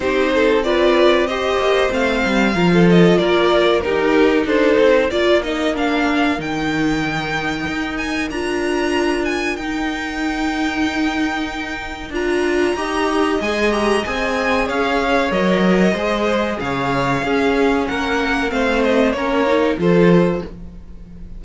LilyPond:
<<
  \new Staff \with { instrumentName = "violin" } { \time 4/4 \tempo 4 = 94 c''4 d''4 dis''4 f''4~ | f''8 dis''8 d''4 ais'4 c''4 | d''8 dis''8 f''4 g''2~ | g''8 gis''8 ais''4. gis''8 g''4~ |
g''2. ais''4~ | ais''4 gis''8 ais''8 gis''4 f''4 | dis''2 f''2 | fis''4 f''8 dis''8 cis''4 c''4 | }
  \new Staff \with { instrumentName = "violin" } { \time 4/4 g'8 a'8 b'4 c''2 | ais'16 a'8. ais'4 g'4 a'4 | ais'1~ | ais'1~ |
ais'1 | dis''2. cis''4~ | cis''4 c''4 cis''4 gis'4 | ais'4 c''4 ais'4 a'4 | }
  \new Staff \with { instrumentName = "viola" } { \time 4/4 dis'4 f'4 g'4 c'4 | f'2 dis'2 | f'8 dis'8 d'4 dis'2~ | dis'4 f'2 dis'4~ |
dis'2. f'4 | g'4 gis'8 g'8 gis'2 | ais'4 gis'2 cis'4~ | cis'4 c'4 cis'8 dis'8 f'4 | }
  \new Staff \with { instrumentName = "cello" } { \time 4/4 c'2~ c'8 ais8 a8 g8 | f4 ais4 dis'4 d'8 c'8 | ais2 dis2 | dis'4 d'2 dis'4~ |
dis'2. d'4 | dis'4 gis4 c'4 cis'4 | fis4 gis4 cis4 cis'4 | ais4 a4 ais4 f4 | }
>>